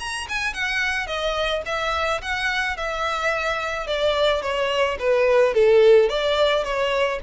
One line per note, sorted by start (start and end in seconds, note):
0.00 0.28 A#5
0.29 0.54 G#5
0.54 1.07 F#5
1.07 1.63 D#5
1.66 2.22 E5
2.22 2.77 F#5
2.77 3.87 E5
3.87 4.43 D5
4.43 4.98 C#5
5.00 5.55 B4
5.55 6.10 A4
6.10 6.64 D5
6.64 7.20 C#5